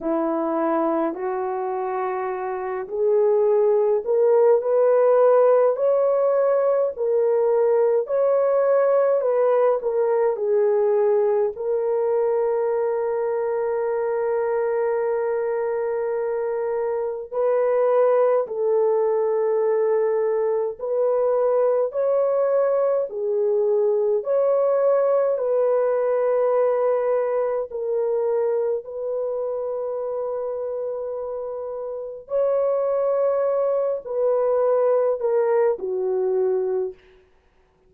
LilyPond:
\new Staff \with { instrumentName = "horn" } { \time 4/4 \tempo 4 = 52 e'4 fis'4. gis'4 ais'8 | b'4 cis''4 ais'4 cis''4 | b'8 ais'8 gis'4 ais'2~ | ais'2. b'4 |
a'2 b'4 cis''4 | gis'4 cis''4 b'2 | ais'4 b'2. | cis''4. b'4 ais'8 fis'4 | }